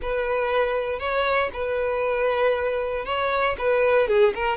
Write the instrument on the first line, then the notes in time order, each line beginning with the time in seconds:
violin
0.02 B4
0.99 C#5
1.53 B4
3.05 C#5
3.58 B4
4.08 G#4
4.35 A#4